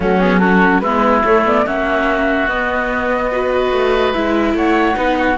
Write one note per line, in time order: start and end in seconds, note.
0.00 0.81 F#3
0.00 0.21 A3
0.00 0.39 C#4
0.00 0.20 F#4
0.20 0.40 B3
0.20 0.38 G#4
0.38 0.82 C#4
0.38 0.81 F#4
0.38 0.80 A4
0.80 1.22 G#3
0.80 1.25 B3
0.80 1.65 E4
0.80 1.21 B4
1.24 1.66 A3
1.24 1.45 A3
1.24 1.45 C#5
1.45 1.65 B3
1.45 1.67 D5
1.65 2.47 A#3
1.65 2.48 C#4
1.65 3.31 F#4
1.65 2.48 E5
2.47 3.71 B3
2.47 3.31 B3
2.47 4.13 D#5
3.31 4.14 F#4
3.31 4.56 B4
3.71 4.13 A3
4.13 4.54 G#3
4.13 4.94 E4
4.13 4.55 E5
4.54 4.95 A3
4.54 4.97 C#5
4.54 5.37 F#5
4.94 5.37 B3
4.94 5.36 D#4
4.94 5.17 B4
5.18 5.37 F#4